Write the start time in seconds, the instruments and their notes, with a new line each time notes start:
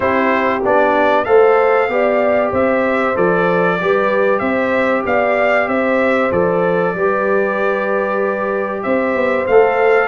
0.00 tuba C4, trombone E4, horn G4, trumpet C5
0.64 tuba B3, trombone D4, trumpet D5
1.24 tuba A3, trombone A4, horn C5, trumpet F5
1.89 tuba B3, trombone G4, horn D5
2.51 tuba C4, horn C5, trumpet E5
3.15 tuba F3, trombone A4, trumpet D5
3.80 tuba G3, trombone G4, horn B4
4.39 tuba C4, horn C5, trumpet E5
5.05 tuba B3, horn D5, trumpet F5
5.68 tuba C4, horn C5, trumpet E5
6.31 tuba F3, trombone A4, trumpet D5
6.94 tuba G3, trombone G4, horn B4
8.82 tuba C4, horn C5, trumpet E5
9.14 tuba B3
9.46 tuba A3, trombone A4, trumpet F5